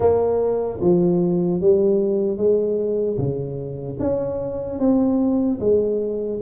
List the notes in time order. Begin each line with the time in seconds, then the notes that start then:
0.00 A#3
0.80 F3
1.60 G3
2.37 G#3
3.17 C#3
3.99 C#4
4.79 C4
5.60 G#3